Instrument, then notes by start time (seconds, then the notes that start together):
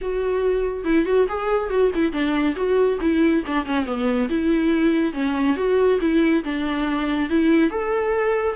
viola
0.01 F#4
0.84 E4
1.05 F#4
1.28 G#4
1.69 F#4
1.94 E4
2.12 D4
2.55 F#4
3.00 E4
3.46 D4
3.65 C#4
3.85 B3
4.29 E4
5.13 C#4
5.56 F#4
6.00 E4
6.44 D4
7.29 E4
7.70 A4